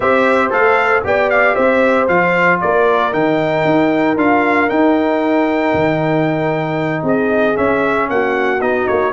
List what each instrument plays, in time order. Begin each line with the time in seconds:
0.00 tuba C4, trombone G4, horn C5, trumpet E5
0.50 tuba A3, trombone A4, trumpet F5
1.03 tuba B3, trombone G4, horn D5, trumpet G5
1.29 trumpet F5
1.55 tuba C4, horn C5, trumpet E5
2.08 tuba F3, trombone F4, trumpet F5
2.61 tuba A#3, horn A#4, trumpet D5
3.12 tuba D#3, trombone D#4, trumpet G5
3.64 tuba D#4
4.16 tuba D4, trombone F4, trumpet F5
4.69 trombone D#4, tuba D#4, trumpet G5
5.73 tuba D#3
7.02 tuba C4, horn G#4, trumpet D#5
7.55 trombone C#4, tuba C#4, trumpet E5
8.09 tuba A#3, horn F#4, trumpet F#5
8.61 tuba B3, trombone D#4, trumpet D#5
8.87 tuba A#3, trumpet C#5